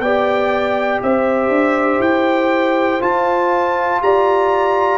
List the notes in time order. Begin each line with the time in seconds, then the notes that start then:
0.00 B3 G4 D5 G5
1.03 C4 C5 E5
1.49 D4
2.00 E4 G5
3.01 F4 A5
4.02 G4 D5 A#5